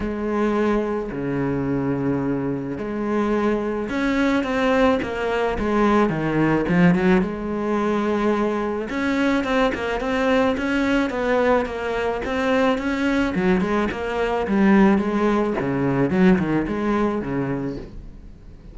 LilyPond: \new Staff \with { instrumentName = "cello" } { \time 4/4 \tempo 4 = 108 gis2 cis2~ | cis4 gis2 cis'4 | c'4 ais4 gis4 dis4 | f8 fis8 gis2. |
cis'4 c'8 ais8 c'4 cis'4 | b4 ais4 c'4 cis'4 | fis8 gis8 ais4 g4 gis4 | cis4 fis8 dis8 gis4 cis4 | }